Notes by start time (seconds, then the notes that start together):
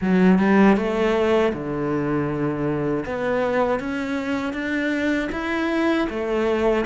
0.01 F#3
0.38 G3
0.76 A3
1.53 D3
3.05 B3
3.79 C#4
4.53 D4
5.32 E4
6.09 A3